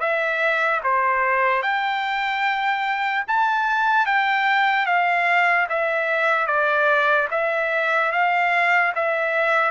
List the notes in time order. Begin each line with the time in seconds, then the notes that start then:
0.00 E5
0.84 C5
1.63 G5
3.28 A5
4.06 G5
4.86 F5
5.69 E5
6.47 D5
7.31 E5
8.12 F5
8.95 E5